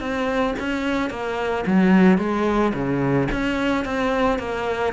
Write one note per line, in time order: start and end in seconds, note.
0.00 0.54 C4
0.59 1.10 C#4
1.10 1.64 A#3
1.66 2.18 F#3
2.18 2.73 G#3
2.73 3.28 C#3
3.31 3.85 C#4
3.85 4.39 C4
4.39 4.93 A#3